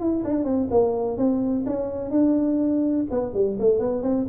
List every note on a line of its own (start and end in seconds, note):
0.00 0.24 E4
0.25 0.45 D4
0.45 0.69 C4
0.71 1.18 A#3
1.18 1.66 C4
1.67 2.11 C#4
2.11 3.06 D4
3.11 3.34 B3
3.34 3.58 G3
3.60 3.80 A3
3.80 4.03 B3
4.03 4.27 C4